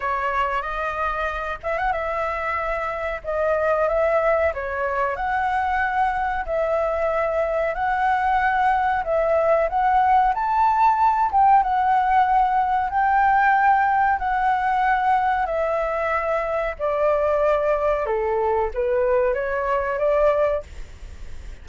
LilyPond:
\new Staff \with { instrumentName = "flute" } { \time 4/4 \tempo 4 = 93 cis''4 dis''4. e''16 fis''16 e''4~ | e''4 dis''4 e''4 cis''4 | fis''2 e''2 | fis''2 e''4 fis''4 |
a''4. g''8 fis''2 | g''2 fis''2 | e''2 d''2 | a'4 b'4 cis''4 d''4 | }